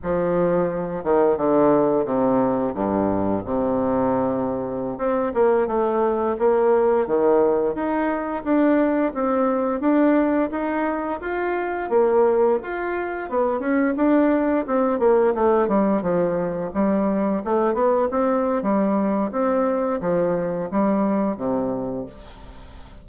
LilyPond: \new Staff \with { instrumentName = "bassoon" } { \time 4/4 \tempo 4 = 87 f4. dis8 d4 c4 | g,4 c2~ c16 c'8 ais16~ | ais16 a4 ais4 dis4 dis'8.~ | dis'16 d'4 c'4 d'4 dis'8.~ |
dis'16 f'4 ais4 f'4 b8 cis'16~ | cis'16 d'4 c'8 ais8 a8 g8 f8.~ | f16 g4 a8 b8 c'8. g4 | c'4 f4 g4 c4 | }